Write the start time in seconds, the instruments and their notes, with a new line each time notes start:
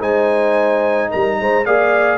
0.00 tuba G#3, trombone D#4, horn C5, trumpet G#5
1.10 tuba G3, horn A#4, trumpet A#5
1.40 tuba G#3, horn C5
1.65 tuba A#3, trombone G#4, horn D5, trumpet F5